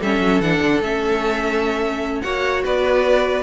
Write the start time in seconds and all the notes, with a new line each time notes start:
0.00 G3 C#4 A4 E5
0.19 F#3
0.40 E3 D4 F#5
0.61 D3
0.80 A3 C#4 E5
2.21 A#3 F#4 C#5 F#5
2.64 B3 B4 D5